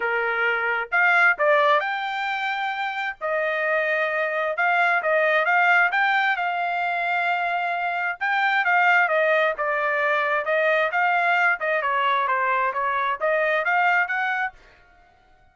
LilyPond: \new Staff \with { instrumentName = "trumpet" } { \time 4/4 \tempo 4 = 132 ais'2 f''4 d''4 | g''2. dis''4~ | dis''2 f''4 dis''4 | f''4 g''4 f''2~ |
f''2 g''4 f''4 | dis''4 d''2 dis''4 | f''4. dis''8 cis''4 c''4 | cis''4 dis''4 f''4 fis''4 | }